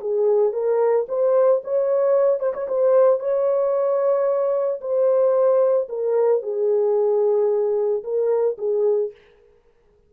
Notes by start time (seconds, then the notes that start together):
0.00 G#4
0.52 A#4
1.08 C5
1.64 C#5
2.39 C5
2.53 C#5
2.68 C5
3.19 C#5
4.80 C5
5.89 A#4
6.42 G#4
8.03 A#4
8.58 G#4